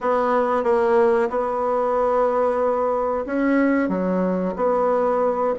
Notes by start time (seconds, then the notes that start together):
0.01 B3
0.63 A#3
1.29 B3
3.25 C#4
3.89 F#3
4.56 B3